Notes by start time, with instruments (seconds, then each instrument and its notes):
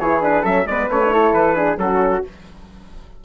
0.00 bassoon E3, horn E4, flute G#4, trumpet C#5
0.22 horn D4, trumpet B4
0.42 bassoon F#3, horn C#4, flute A4, trumpet E5
0.66 bassoon G#3, horn B3, flute B4, trumpet D5
0.89 bassoon A3, horn C#4, trumpet C#5
1.05 horn D4
1.12 horn E4, flute A4
1.33 bassoon E3, trumpet B4
1.55 horn D4, flute G#4
1.77 bassoon F#3, horn C#4, flute F#4, trumpet A4